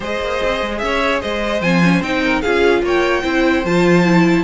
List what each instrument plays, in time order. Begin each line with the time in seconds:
0.00 cello G#3, viola G#4, violin C5 D#5
0.20 cello A#3
0.42 cello C4
0.61 cello G#3
0.78 cello C#4, violin E5
0.84 violin C#5
1.21 cello G#3, violin C5 D#5
1.61 cello F3, viola C4, violin G#5
1.83 viola C#4
2.01 cello C4, viola D#4, violin G5
2.24 violin A#4
2.41 cello C#4, viola F4, violin G#4 F5
2.82 cello A#3, violin C#5 G5
3.23 cello C4, viola E4, violin C5
3.64 cello F3, viola F4, violin A5
4.04 viola E4